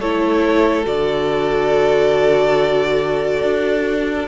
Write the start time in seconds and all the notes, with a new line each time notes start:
0.00 A3 E4 A4 C#5
0.84 D3 F#4 D5
3.43 D4